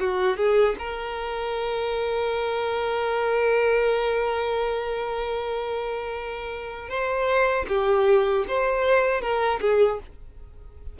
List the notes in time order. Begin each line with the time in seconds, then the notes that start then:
0.00 F#4
0.37 G#4
0.79 A#4
6.90 C5
7.69 G4
8.48 C5
9.22 A#4
9.61 G#4